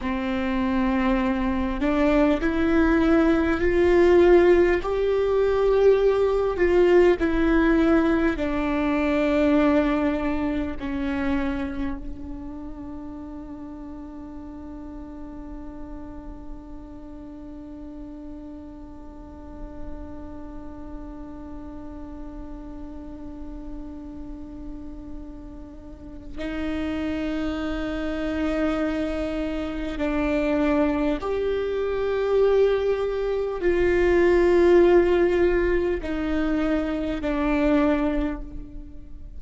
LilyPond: \new Staff \with { instrumentName = "viola" } { \time 4/4 \tempo 4 = 50 c'4. d'8 e'4 f'4 | g'4. f'8 e'4 d'4~ | d'4 cis'4 d'2~ | d'1~ |
d'1~ | d'2 dis'2~ | dis'4 d'4 g'2 | f'2 dis'4 d'4 | }